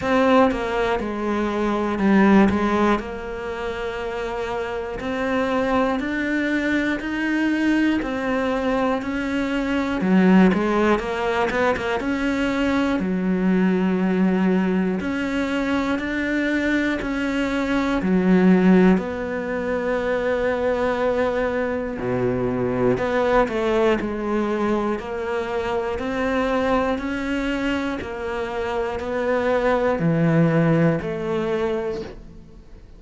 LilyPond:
\new Staff \with { instrumentName = "cello" } { \time 4/4 \tempo 4 = 60 c'8 ais8 gis4 g8 gis8 ais4~ | ais4 c'4 d'4 dis'4 | c'4 cis'4 fis8 gis8 ais8 b16 ais16 | cis'4 fis2 cis'4 |
d'4 cis'4 fis4 b4~ | b2 b,4 b8 a8 | gis4 ais4 c'4 cis'4 | ais4 b4 e4 a4 | }